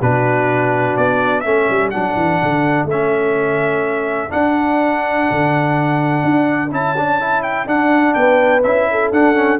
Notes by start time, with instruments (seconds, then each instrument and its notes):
0.00 tuba B2, trombone D4, horn F#4, trumpet B4
0.96 tuba B3, trumpet D5
1.40 tuba A3, trombone C#4, horn A4, trumpet E5
1.70 tuba G3
1.90 tuba F#3, trombone D4, trumpet F#5
2.15 tuba E3
2.42 tuba D3
2.84 tuba A3, trumpet E5
2.91 trombone C#4
4.29 trombone D4, tuba D4, trumpet F#5
5.30 tuba D3
6.23 tuba D4
6.71 tuba C#4, trombone E4, trumpet A5
6.97 trombone D4
7.20 trombone E4
7.42 trumpet G5
7.66 trombone D4, tuba D4, trumpet F#5
8.13 tuba B3, horn B4, trumpet G5
8.63 tuba C#4, trombone E4, trumpet E5
8.91 horn A4
9.11 tuba D4, trombone D4, trumpet F#5
9.35 trombone C#4